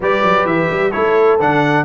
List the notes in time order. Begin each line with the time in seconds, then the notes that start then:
0.00 G3 G4 B4 D5
0.23 F#3
0.45 E3 E5
0.70 G3
0.91 A3 E4 A4 C#5
1.39 D3 D4 F#5